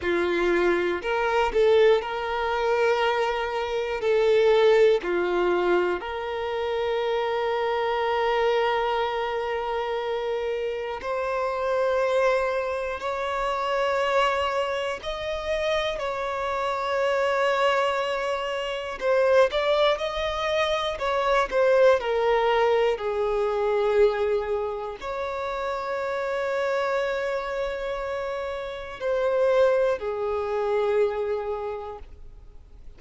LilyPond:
\new Staff \with { instrumentName = "violin" } { \time 4/4 \tempo 4 = 60 f'4 ais'8 a'8 ais'2 | a'4 f'4 ais'2~ | ais'2. c''4~ | c''4 cis''2 dis''4 |
cis''2. c''8 d''8 | dis''4 cis''8 c''8 ais'4 gis'4~ | gis'4 cis''2.~ | cis''4 c''4 gis'2 | }